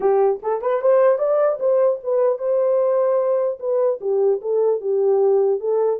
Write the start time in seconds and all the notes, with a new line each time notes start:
0.00 G4
0.42 A4
0.61 B4
0.81 C5
1.18 D5
1.59 C5
2.03 B4
2.38 C5
3.59 B4
4.00 G4
4.41 A4
4.81 G4
5.60 A4